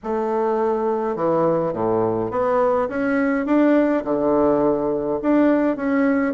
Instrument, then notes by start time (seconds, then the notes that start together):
bassoon
0.03 A3
1.15 E3
1.73 A2
2.30 B3
2.88 C#4
3.46 D4
4.04 D3
5.22 D4
5.76 C#4